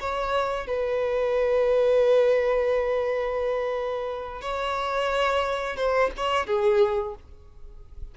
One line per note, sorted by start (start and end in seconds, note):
0.00 0.67 C#5
0.67 4.42 B4
4.42 5.76 C#5
5.76 6.11 C5
6.17 6.46 C#5
6.46 7.15 G#4